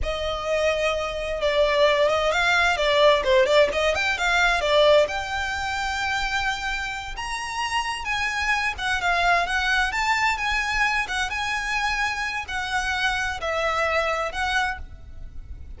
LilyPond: \new Staff \with { instrumentName = "violin" } { \time 4/4 \tempo 4 = 130 dis''2. d''4~ | d''8 dis''8 f''4 d''4 c''8 d''8 | dis''8 g''8 f''4 d''4 g''4~ | g''2.~ g''8 ais''8~ |
ais''4. gis''4. fis''8 f''8~ | f''8 fis''4 a''4 gis''4. | fis''8 gis''2~ gis''8 fis''4~ | fis''4 e''2 fis''4 | }